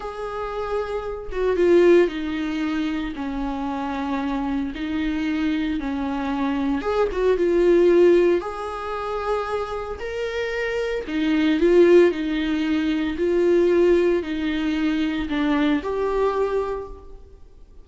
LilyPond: \new Staff \with { instrumentName = "viola" } { \time 4/4 \tempo 4 = 114 gis'2~ gis'8 fis'8 f'4 | dis'2 cis'2~ | cis'4 dis'2 cis'4~ | cis'4 gis'8 fis'8 f'2 |
gis'2. ais'4~ | ais'4 dis'4 f'4 dis'4~ | dis'4 f'2 dis'4~ | dis'4 d'4 g'2 | }